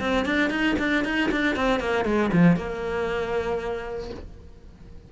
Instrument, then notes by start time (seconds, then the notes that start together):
cello
0.00 C4
0.26 D4
0.51 D#4
0.79 D4
1.05 D#4
1.31 D4
1.56 C4
1.80 A#3
2.05 G#3
2.33 F3
2.57 A#3